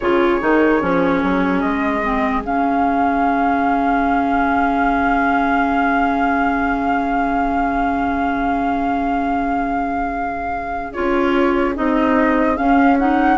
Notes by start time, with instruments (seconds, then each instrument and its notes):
0.00 bassoon C#3, clarinet F4, oboe G#4, flute C#5
0.40 bassoon D#3, clarinet D#4
0.80 bassoon F3, clarinet C#4
1.22 bassoon F#3
1.60 bassoon G#3, flute D#5
2.03 clarinet C4
2.44 bassoon C#3, clarinet C#4, flute F5
10.92 bassoon C#4, clarinet F4, flute C#5
11.75 bassoon C4, clarinet D#4, flute D#5
12.56 clarinet C#4, bassoon C#4, flute F5
12.98 clarinet D#4, flute F#5